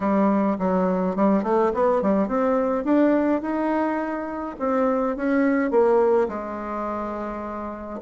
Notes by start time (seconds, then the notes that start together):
0.00 G3
0.58 F#3
1.16 G3
1.43 A3
1.74 B3
2.02 G3
2.28 C4
2.84 D4
3.41 D#4
4.59 C4
5.16 C#4
5.71 A#3
6.28 G#3